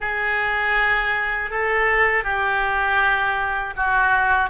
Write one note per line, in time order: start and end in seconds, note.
0.00 1.50 G#4
1.50 2.23 A4
2.23 3.73 G4
3.76 4.49 F#4